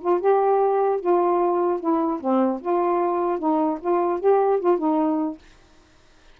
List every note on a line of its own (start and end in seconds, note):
0.00 0.20 F4
0.20 1.00 G4
1.00 1.80 F4
1.80 2.20 E4
2.20 2.60 C4
2.61 3.39 F4
3.39 3.79 D#4
3.80 4.20 F4
4.20 4.60 G4
4.60 4.78 F4
4.78 5.38 D#4